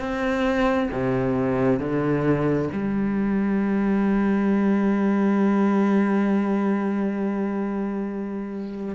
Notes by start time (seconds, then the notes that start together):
0.00 C4
0.92 C3
1.80 D3
2.73 G3